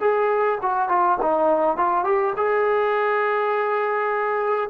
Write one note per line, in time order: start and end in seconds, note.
0.00 0.58 G#4
0.61 0.88 F#4
0.88 1.17 F4
1.22 1.77 D#4
1.77 2.04 F4
2.04 2.33 G4
2.36 4.69 G#4